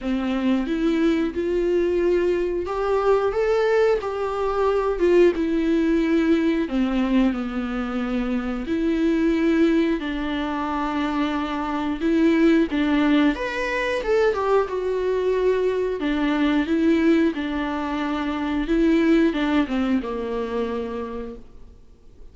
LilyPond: \new Staff \with { instrumentName = "viola" } { \time 4/4 \tempo 4 = 90 c'4 e'4 f'2 | g'4 a'4 g'4. f'8 | e'2 c'4 b4~ | b4 e'2 d'4~ |
d'2 e'4 d'4 | b'4 a'8 g'8 fis'2 | d'4 e'4 d'2 | e'4 d'8 c'8 ais2 | }